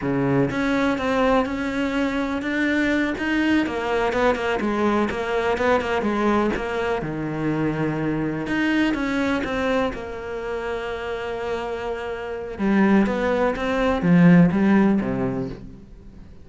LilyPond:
\new Staff \with { instrumentName = "cello" } { \time 4/4 \tempo 4 = 124 cis4 cis'4 c'4 cis'4~ | cis'4 d'4. dis'4 ais8~ | ais8 b8 ais8 gis4 ais4 b8 | ais8 gis4 ais4 dis4.~ |
dis4. dis'4 cis'4 c'8~ | c'8 ais2.~ ais8~ | ais2 g4 b4 | c'4 f4 g4 c4 | }